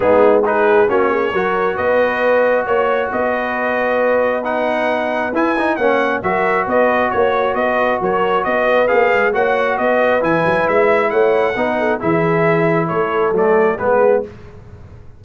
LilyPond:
<<
  \new Staff \with { instrumentName = "trumpet" } { \time 4/4 \tempo 4 = 135 gis'4 b'4 cis''2 | dis''2 cis''4 dis''4~ | dis''2 fis''2 | gis''4 fis''4 e''4 dis''4 |
cis''4 dis''4 cis''4 dis''4 | f''4 fis''4 dis''4 gis''4 | e''4 fis''2 e''4~ | e''4 cis''4 d''4 b'4 | }
  \new Staff \with { instrumentName = "horn" } { \time 4/4 dis'4 gis'4 fis'8 gis'8 ais'4 | b'2 cis''4 b'4~ | b'1~ | b'4 cis''4 ais'4 b'4 |
cis''4 b'4 ais'4 b'4~ | b'4 cis''4 b'2~ | b'4 cis''4 b'8 a'8 gis'4~ | gis'4 a'2 gis'4 | }
  \new Staff \with { instrumentName = "trombone" } { \time 4/4 b4 dis'4 cis'4 fis'4~ | fis'1~ | fis'2 dis'2 | e'8 dis'8 cis'4 fis'2~ |
fis'1 | gis'4 fis'2 e'4~ | e'2 dis'4 e'4~ | e'2 a4 b4 | }
  \new Staff \with { instrumentName = "tuba" } { \time 4/4 gis2 ais4 fis4 | b2 ais4 b4~ | b1 | e'4 ais4 fis4 b4 |
ais4 b4 fis4 b4 | ais8 gis8 ais4 b4 e8 fis8 | gis4 a4 b4 e4~ | e4 a4 fis4 gis4 | }
>>